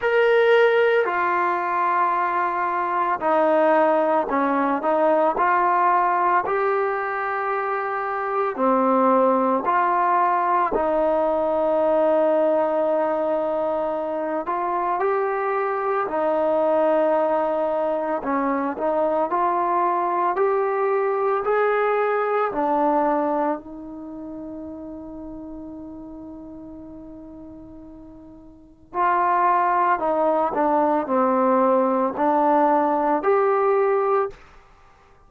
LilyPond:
\new Staff \with { instrumentName = "trombone" } { \time 4/4 \tempo 4 = 56 ais'4 f'2 dis'4 | cis'8 dis'8 f'4 g'2 | c'4 f'4 dis'2~ | dis'4. f'8 g'4 dis'4~ |
dis'4 cis'8 dis'8 f'4 g'4 | gis'4 d'4 dis'2~ | dis'2. f'4 | dis'8 d'8 c'4 d'4 g'4 | }